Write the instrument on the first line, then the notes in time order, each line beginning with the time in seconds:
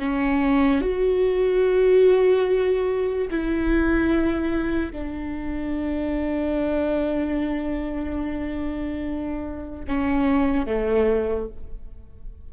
viola
0.00 C#4
0.82 F#4
3.31 E4
4.92 D4
9.88 C#4
10.67 A3